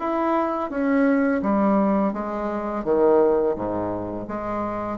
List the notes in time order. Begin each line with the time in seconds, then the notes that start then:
0.00 E4
0.71 C#4
1.43 G3
2.14 G#3
2.85 D#3
3.56 G#2
4.28 G#3